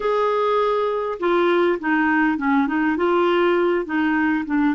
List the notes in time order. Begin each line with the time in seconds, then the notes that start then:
0.00 G#4
1.19 F4
1.79 D#4
2.37 C#4
2.67 D#4
2.96 F4
3.85 D#4
4.45 D4